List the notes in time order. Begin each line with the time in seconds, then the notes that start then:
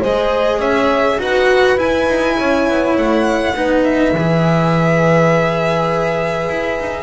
0.00 G#3 G#4 C5 D#5
0.58 C#4 C#5 E5
1.18 D#4 F#4 B4 F#5
1.77 E4 G#5
2.08 D#4
2.37 C#4 C#5
2.69 B3
2.97 A3 F#5
3.54 B3 D#4 B4
3.84 E5
4.13 E3 G#4
6.50 E4
6.80 D#4